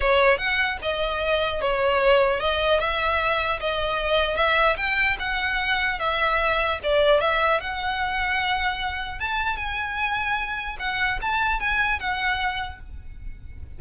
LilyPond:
\new Staff \with { instrumentName = "violin" } { \time 4/4 \tempo 4 = 150 cis''4 fis''4 dis''2 | cis''2 dis''4 e''4~ | e''4 dis''2 e''4 | g''4 fis''2 e''4~ |
e''4 d''4 e''4 fis''4~ | fis''2. a''4 | gis''2. fis''4 | a''4 gis''4 fis''2 | }